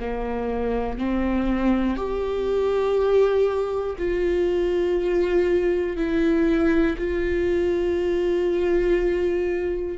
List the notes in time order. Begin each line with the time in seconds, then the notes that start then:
0.00 A#3
0.98 C4
1.96 G4
3.98 F4
5.97 E4
6.98 F4